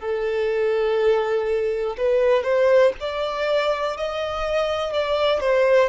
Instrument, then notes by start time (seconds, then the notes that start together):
violin
0.00 A4
1.98 B4
2.44 C5
3.00 D5
3.97 D#5
4.93 D5
5.40 C5